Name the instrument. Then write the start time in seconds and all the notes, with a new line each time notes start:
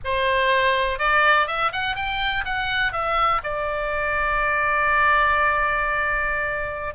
oboe
0.04 C5
0.98 D5
1.47 E5
1.72 F#5
1.95 G5
2.45 F#5
2.92 E5
3.43 D5